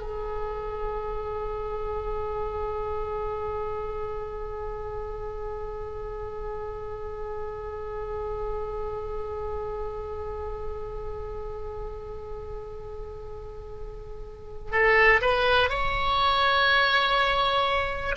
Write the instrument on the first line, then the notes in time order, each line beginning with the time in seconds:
oboe
0.00 G#4
14.72 A4
15.21 B4
15.70 C#5